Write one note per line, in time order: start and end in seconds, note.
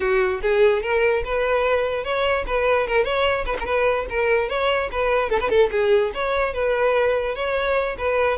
0.00 0.41 F#4
0.42 0.82 G#4
0.82 1.23 A#4
1.24 2.03 B4
2.03 2.44 C#5
2.47 2.87 B4
2.87 3.04 A#4
3.04 3.45 C#5
3.46 3.56 B4
3.60 3.65 A#4
3.60 4.06 B4
4.09 4.49 A#4
4.49 4.89 C#5
4.91 5.29 B4
5.29 5.39 A4
5.40 5.49 B4
5.49 5.70 A4
5.71 6.12 G#4
6.14 6.53 C#5
6.53 7.35 B4
7.35 7.96 C#5
7.98 8.37 B4